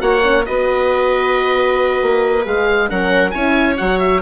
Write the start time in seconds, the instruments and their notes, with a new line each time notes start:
0.00 bassoon A#3, horn F#4, viola C#5, oboe F#5
0.24 horn C#4
0.45 bassoon B3, horn F#4, viola B4, oboe D#5
2.02 bassoon A#3
2.44 bassoon G#3, horn G#4, oboe F5
2.88 bassoon F#3, horn C#4, viola A#4, oboe F#5
3.31 bassoon C#4, horn E4, viola C#5, oboe G#5
3.77 bassoon F#3, horn F#4, oboe F#5
3.99 oboe E5